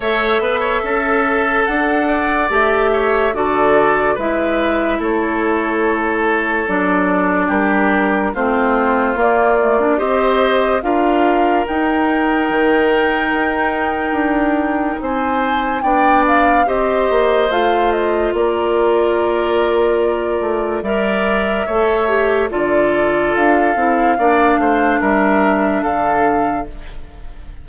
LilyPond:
<<
  \new Staff \with { instrumentName = "flute" } { \time 4/4 \tempo 4 = 72 e''2 fis''4 e''4 | d''4 e''4 cis''2 | d''4 ais'4 c''4 d''4 | dis''4 f''4 g''2~ |
g''2 gis''4 g''8 f''8 | dis''4 f''8 dis''8 d''2~ | d''4 e''2 d''4 | f''2 e''4 f''4 | }
  \new Staff \with { instrumentName = "oboe" } { \time 4/4 cis''8 b'16 cis''16 a'4. d''4 cis''8 | a'4 b'4 a'2~ | a'4 g'4 f'2 | c''4 ais'2.~ |
ais'2 c''4 d''4 | c''2 ais'2~ | ais'4 d''4 cis''4 a'4~ | a'4 d''8 c''8 ais'4 a'4 | }
  \new Staff \with { instrumentName = "clarinet" } { \time 4/4 a'2. g'4 | fis'4 e'2. | d'2 c'4 ais8 a16 d'16 | g'4 f'4 dis'2~ |
dis'2. d'4 | g'4 f'2.~ | f'4 ais'4 a'8 g'8 f'4~ | f'8 e'8 d'2. | }
  \new Staff \with { instrumentName = "bassoon" } { \time 4/4 a8 b8 cis'4 d'4 a4 | d4 gis4 a2 | fis4 g4 a4 ais4 | c'4 d'4 dis'4 dis4 |
dis'4 d'4 c'4 b4 | c'8 ais8 a4 ais2~ | ais8 a8 g4 a4 d4 | d'8 c'8 ais8 a8 g4 d4 | }
>>